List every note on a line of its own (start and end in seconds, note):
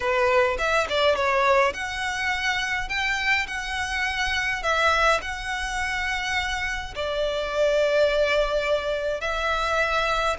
0.00 0.57 B4
0.58 0.87 E5
0.89 1.15 D5
1.15 1.73 C#5
1.73 2.88 F#5
2.88 3.46 G5
3.47 4.62 F#5
4.62 5.20 E5
5.21 6.94 F#5
6.95 9.20 D5
9.20 10.36 E5